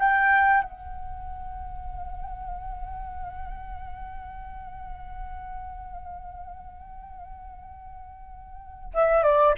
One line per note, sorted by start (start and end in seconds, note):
0.00 0.63 G5
0.63 8.93 F#5
8.94 9.23 E5
9.23 9.55 D5